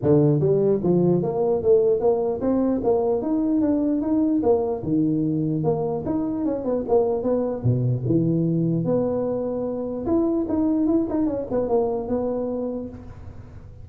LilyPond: \new Staff \with { instrumentName = "tuba" } { \time 4/4 \tempo 4 = 149 d4 g4 f4 ais4 | a4 ais4 c'4 ais4 | dis'4 d'4 dis'4 ais4 | dis2 ais4 dis'4 |
cis'8 b8 ais4 b4 b,4 | e2 b2~ | b4 e'4 dis'4 e'8 dis'8 | cis'8 b8 ais4 b2 | }